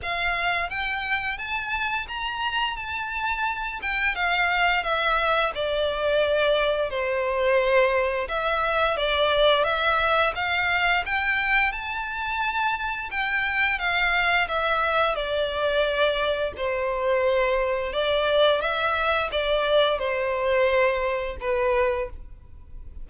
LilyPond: \new Staff \with { instrumentName = "violin" } { \time 4/4 \tempo 4 = 87 f''4 g''4 a''4 ais''4 | a''4. g''8 f''4 e''4 | d''2 c''2 | e''4 d''4 e''4 f''4 |
g''4 a''2 g''4 | f''4 e''4 d''2 | c''2 d''4 e''4 | d''4 c''2 b'4 | }